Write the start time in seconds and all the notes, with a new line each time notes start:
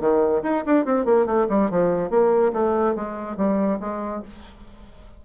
0.00 D#3
0.43 D#4
0.66 D4
0.85 C4
1.05 A#3
1.26 A3
1.49 G3
1.71 F3
2.10 A#3
2.53 A3
2.95 G#3
3.37 G3
3.80 G#3